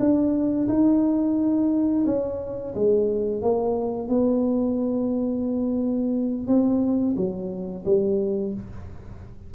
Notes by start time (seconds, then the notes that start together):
0.00 D4
0.68 D#4
2.07 C#4
2.75 G#3
3.42 A#3
4.09 B3
6.47 C4
7.17 F#3
7.86 G3